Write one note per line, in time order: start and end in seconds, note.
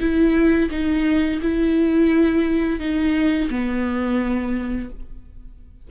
0.00 0.70 E4
0.71 1.40 D#4
1.42 2.80 E4
2.80 3.49 D#4
3.50 4.90 B3